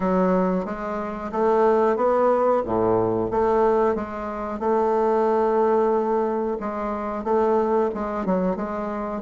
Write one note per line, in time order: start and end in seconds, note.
0.00 0.65 F#3
0.65 1.31 G#3
1.32 1.96 A3
1.96 2.62 B3
2.65 3.31 A2
3.31 3.95 A3
3.95 4.59 G#3
4.59 6.57 A3
6.59 7.23 G#3
7.23 7.89 A3
7.94 8.25 G#3
8.25 8.56 F#3
8.56 9.21 G#3